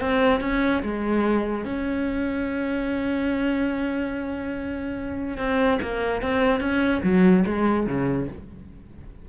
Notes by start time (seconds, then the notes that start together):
0.00 C4
0.40 C#4
0.82 G#3
1.65 C#4
5.37 C4
5.81 A#3
6.21 C4
6.60 C#4
7.03 F#3
7.46 G#3
7.86 C#3